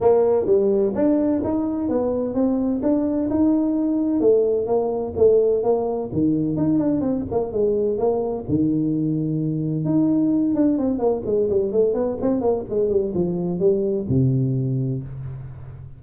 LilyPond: \new Staff \with { instrumentName = "tuba" } { \time 4/4 \tempo 4 = 128 ais4 g4 d'4 dis'4 | b4 c'4 d'4 dis'4~ | dis'4 a4 ais4 a4 | ais4 dis4 dis'8 d'8 c'8 ais8 |
gis4 ais4 dis2~ | dis4 dis'4. d'8 c'8 ais8 | gis8 g8 a8 b8 c'8 ais8 gis8 g8 | f4 g4 c2 | }